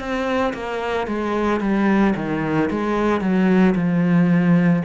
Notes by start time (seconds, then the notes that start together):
0.00 C4
0.54 A#3
1.08 G#3
1.61 G3
2.16 D#3
2.71 G#3
3.21 F#3
3.75 F3